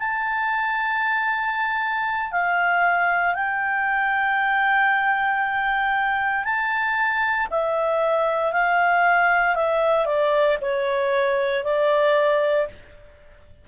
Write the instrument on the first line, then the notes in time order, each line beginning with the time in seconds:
clarinet
0.00 A5
2.32 F5
3.35 G5
6.45 A5
7.51 E5
8.53 F5
9.55 E5
10.06 D5
10.62 C#5
11.65 D5